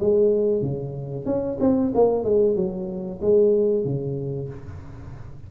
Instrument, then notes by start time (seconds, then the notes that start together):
tuba
0.00 G#3
0.62 C#3
1.26 C#4
1.60 C4
1.95 A#3
2.24 G#3
2.56 F#3
3.21 G#3
3.84 C#3